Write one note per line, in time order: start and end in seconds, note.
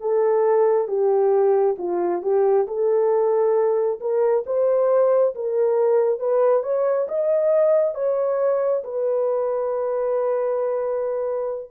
0.00 0.88 A4
0.88 1.76 G4
1.78 2.22 F4
2.22 2.66 G4
2.67 3.99 A4
4.00 4.44 A#4
4.46 5.34 C5
5.35 6.19 A#4
6.19 6.63 B4
6.63 7.07 C#5
7.08 7.95 D#5
7.95 8.83 C#5
8.84 11.70 B4